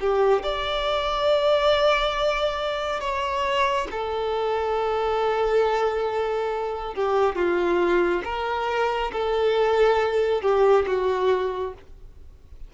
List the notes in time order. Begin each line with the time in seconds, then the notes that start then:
0.00 G4
0.43 D5
3.00 C#5
3.91 A4
6.94 G4
7.35 F4
8.24 A#4
9.12 A4
10.42 G4
10.87 F#4